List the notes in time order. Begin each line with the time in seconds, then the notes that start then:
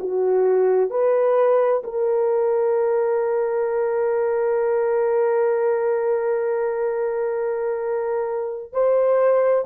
0.00 F#4
0.91 B4
1.85 A#4
8.73 C5